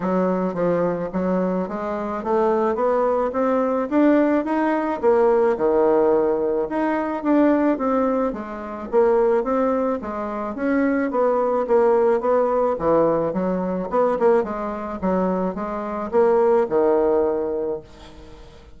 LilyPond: \new Staff \with { instrumentName = "bassoon" } { \time 4/4 \tempo 4 = 108 fis4 f4 fis4 gis4 | a4 b4 c'4 d'4 | dis'4 ais4 dis2 | dis'4 d'4 c'4 gis4 |
ais4 c'4 gis4 cis'4 | b4 ais4 b4 e4 | fis4 b8 ais8 gis4 fis4 | gis4 ais4 dis2 | }